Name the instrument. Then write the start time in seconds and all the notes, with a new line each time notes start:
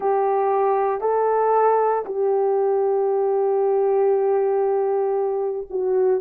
horn
0.00 G4
1.01 A4
2.05 G4
5.69 F#4